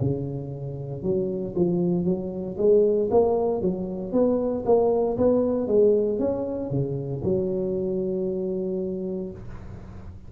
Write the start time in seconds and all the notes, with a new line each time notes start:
0.00 C#3
1.03 F#3
1.55 F3
2.05 F#3
2.57 G#3
3.11 A#3
3.61 F#3
4.12 B3
4.65 A#3
5.17 B3
5.67 G#3
6.19 C#4
6.70 C#3
7.24 F#3